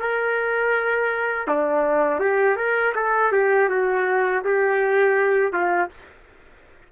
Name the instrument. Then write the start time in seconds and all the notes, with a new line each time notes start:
trumpet
0.00 A#4
1.47 D4
2.20 G4
2.56 A#4
2.95 A4
3.32 G4
3.69 F#4
4.44 G4
5.53 F4